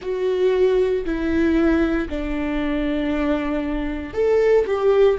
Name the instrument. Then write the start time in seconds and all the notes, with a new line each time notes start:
viola
0.01 F#4
1.05 E4
2.09 D4
4.13 A4
4.66 G4